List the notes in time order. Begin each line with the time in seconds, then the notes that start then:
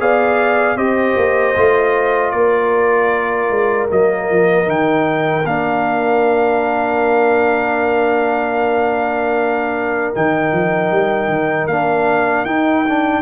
0.00 B3 G#4 D5 F5
0.76 C4 G4 C5 D#5
1.17 A#3
1.56 A3 F4
2.31 A#3 A#4 D5
3.50 G#3
3.89 F#3 A#3 D#5
4.30 F3
4.65 D#3 D#4 G5
5.45 A#3 D4 F5
10.15 D#3 D#4 G5
10.52 F3
10.91 G3
11.28 D#3
11.67 A#3 D4 F5
12.45 D#4 G5
12.89 D4